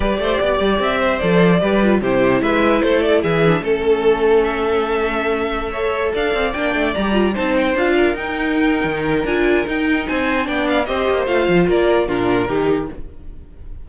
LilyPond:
<<
  \new Staff \with { instrumentName = "violin" } { \time 4/4 \tempo 4 = 149 d''2 e''4 d''4~ | d''4 c''4 e''4 c''8 d''8 | e''4 a'2 e''4~ | e''2.~ e''16 f''8.~ |
f''16 g''4 ais''4 a''8 g''8 f''8.~ | f''16 g''2~ g''8. gis''4 | g''4 gis''4 g''8 f''8 dis''4 | f''4 d''4 ais'2 | }
  \new Staff \with { instrumentName = "violin" } { \time 4/4 b'8 c''8 d''4. c''4. | b'4 g'4 b'4 a'4 | gis'4 a'2.~ | a'2~ a'16 cis''4 d''8.~ |
d''2~ d''16 c''4. ais'16~ | ais'1~ | ais'4 c''4 d''4 c''4~ | c''4 ais'4 f'4 g'4 | }
  \new Staff \with { instrumentName = "viola" } { \time 4/4 g'2. a'4 | g'8 f'8 e'2.~ | e'8 d'8 cis'2.~ | cis'2~ cis'16 a'4.~ a'16~ |
a'16 d'4 g'8 f'8 dis'4 f'8.~ | f'16 dis'2~ dis'8. f'4 | dis'2 d'4 g'4 | f'2 d'4 dis'4 | }
  \new Staff \with { instrumentName = "cello" } { \time 4/4 g8 a8 b8 g8 c'4 f4 | g4 c4 gis4 a4 | e4 a2.~ | a2.~ a16 d'8 c'16~ |
c'16 ais8 a8 g4 c'4 d'8.~ | d'16 dis'4.~ dis'16 dis4 d'4 | dis'4 c'4 b4 c'8 ais8 | a8 f8 ais4 ais,4 dis4 | }
>>